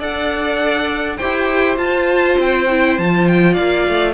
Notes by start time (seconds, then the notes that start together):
0.00 D4 A4 D5 F#5
1.17 E4 G4 C5 G5
1.78 F4 A5
2.39 C4 G5
2.70 E4
2.99 F3 F4 A5
3.28 G5
3.54 A#3 D5 F5
3.88 A3